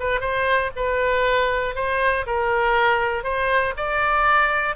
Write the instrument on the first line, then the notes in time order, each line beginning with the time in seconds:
oboe
0.00 B4
0.21 C5
0.77 B4
1.76 C5
2.27 A#4
3.24 C5
3.77 D5